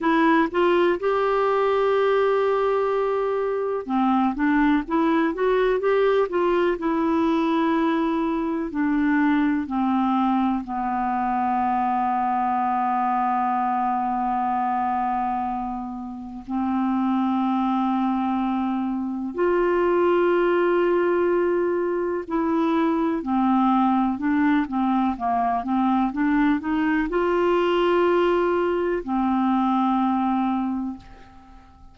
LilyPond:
\new Staff \with { instrumentName = "clarinet" } { \time 4/4 \tempo 4 = 62 e'8 f'8 g'2. | c'8 d'8 e'8 fis'8 g'8 f'8 e'4~ | e'4 d'4 c'4 b4~ | b1~ |
b4 c'2. | f'2. e'4 | c'4 d'8 c'8 ais8 c'8 d'8 dis'8 | f'2 c'2 | }